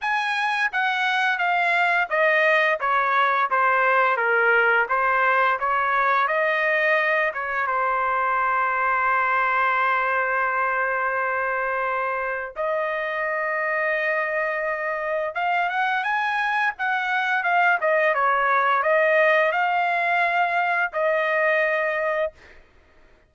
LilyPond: \new Staff \with { instrumentName = "trumpet" } { \time 4/4 \tempo 4 = 86 gis''4 fis''4 f''4 dis''4 | cis''4 c''4 ais'4 c''4 | cis''4 dis''4. cis''8 c''4~ | c''1~ |
c''2 dis''2~ | dis''2 f''8 fis''8 gis''4 | fis''4 f''8 dis''8 cis''4 dis''4 | f''2 dis''2 | }